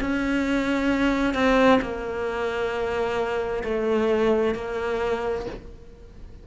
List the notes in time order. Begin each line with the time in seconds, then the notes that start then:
0.00 C#4
1.34 C4
1.81 A#3
3.64 A3
4.55 A#3